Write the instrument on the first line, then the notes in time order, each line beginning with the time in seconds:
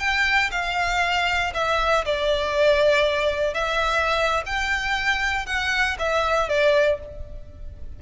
violin
0.00 G5
0.52 F5
1.54 E5
2.05 D5
3.54 E5
4.46 G5
5.46 F#5
5.99 E5
6.49 D5